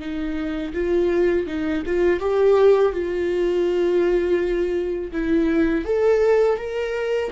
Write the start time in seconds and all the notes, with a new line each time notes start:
0.00 D#4
0.74 F4
1.47 D#4
1.86 F4
2.20 G4
2.92 F4
5.12 E4
5.85 A4
6.58 A#4